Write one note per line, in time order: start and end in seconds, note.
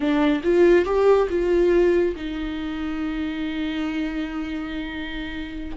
0.00 0.41 D4
0.43 0.85 F4
0.85 1.28 G4
1.29 2.15 F4
2.16 5.77 D#4